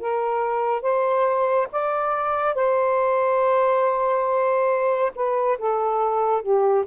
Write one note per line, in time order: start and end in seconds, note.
0.00 0.82 A#4
0.82 1.68 C5
1.72 2.55 D5
2.55 5.12 C5
5.15 5.58 B4
5.59 6.42 A4
6.42 6.85 G4